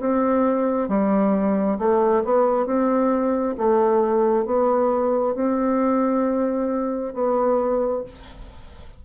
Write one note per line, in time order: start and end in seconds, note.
0.00 0.88 C4
0.88 1.78 G3
1.78 2.23 A3
2.24 2.66 B3
2.66 3.55 C4
3.57 4.46 A3
4.46 5.35 B3
5.35 7.14 C4
7.14 8.03 B3